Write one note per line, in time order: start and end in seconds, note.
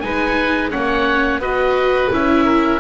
0.00 0.73 G#3
0.00 0.71 D#4
0.00 0.71 B4
0.00 0.70 G#5
0.71 1.39 A#3
0.71 1.41 C#4
0.71 1.41 C#5
0.71 1.41 F#5
1.39 2.09 B3
1.39 2.11 F#4
1.39 2.45 B4
1.39 2.11 D#5
2.11 2.81 C#4
2.11 2.81 E4
2.11 2.81 E5
2.45 2.80 A#4